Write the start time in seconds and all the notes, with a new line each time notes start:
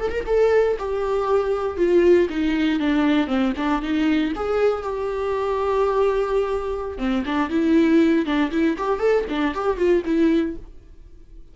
0.00 A4
0.12 A#4
0.27 A4
0.79 G4
1.78 F4
2.30 D#4
2.80 D4
3.28 C4
3.57 D4
3.82 D#4
4.36 G#4
4.84 G4
6.98 C4
7.26 D4
7.50 E4
8.26 D4
8.52 E4
8.78 G4
9.00 A4
9.30 D4
9.55 G4
9.77 F4
10.06 E4